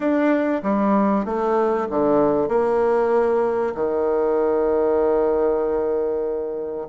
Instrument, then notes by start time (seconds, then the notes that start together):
bassoon
0.00 D4
0.62 G3
1.25 A3
1.89 D3
2.48 A#3
3.74 D#3